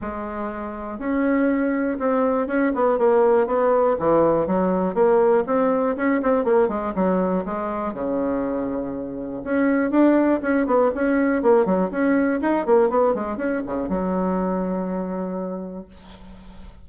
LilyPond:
\new Staff \with { instrumentName = "bassoon" } { \time 4/4 \tempo 4 = 121 gis2 cis'2 | c'4 cis'8 b8 ais4 b4 | e4 fis4 ais4 c'4 | cis'8 c'8 ais8 gis8 fis4 gis4 |
cis2. cis'4 | d'4 cis'8 b8 cis'4 ais8 fis8 | cis'4 dis'8 ais8 b8 gis8 cis'8 cis8 | fis1 | }